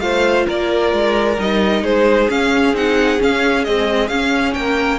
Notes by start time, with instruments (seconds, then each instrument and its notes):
0.00 cello A3, viola F4, violin C5 F5
0.47 cello A#3, violin A#4 D5
0.93 cello G#3
1.38 cello G3, viola D#4, violin D#5
1.83 cello G#3, violin G#4 C5
2.29 viola C#4, cello C#4, violin F5
2.73 cello C4, viola D#4, violin F#5
3.18 viola C#4, cello C#4, violin F5
3.64 viola G#3, cello C4, violin D#5
4.08 cello C#4, viola C#4, violin F5
4.54 cello A#3, violin A#4 G5